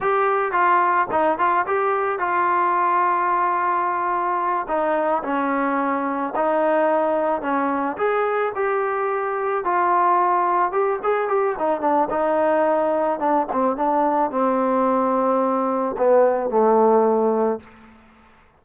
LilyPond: \new Staff \with { instrumentName = "trombone" } { \time 4/4 \tempo 4 = 109 g'4 f'4 dis'8 f'8 g'4 | f'1~ | f'8 dis'4 cis'2 dis'8~ | dis'4. cis'4 gis'4 g'8~ |
g'4. f'2 g'8 | gis'8 g'8 dis'8 d'8 dis'2 | d'8 c'8 d'4 c'2~ | c'4 b4 a2 | }